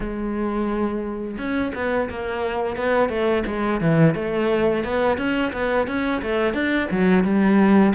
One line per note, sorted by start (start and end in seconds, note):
0.00 1.37 G#3
1.38 1.72 C#4
1.74 2.09 B3
2.09 2.76 A#3
2.76 3.08 B3
3.08 3.43 A3
3.46 3.80 G#3
3.80 4.14 E3
4.14 4.83 A3
4.84 5.17 B3
5.17 5.52 C#4
5.52 5.87 B3
5.87 6.21 C#4
6.22 6.53 A3
6.53 6.88 D4
6.91 7.24 F#3
7.24 7.93 G3